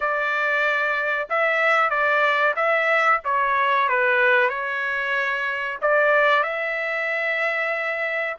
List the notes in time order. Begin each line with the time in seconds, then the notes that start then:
0.00 D5
1.29 E5
1.89 D5
2.56 E5
3.24 C#5
3.89 B4
4.49 C#5
5.81 D5
6.43 E5